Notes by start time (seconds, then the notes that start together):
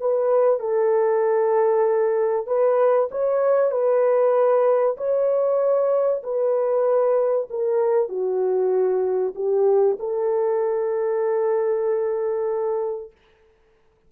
0.00 B4
0.60 A4
2.47 B4
3.11 C#5
3.71 B4
4.97 C#5
6.23 B4
7.50 A#4
8.09 F#4
9.35 G4
9.99 A4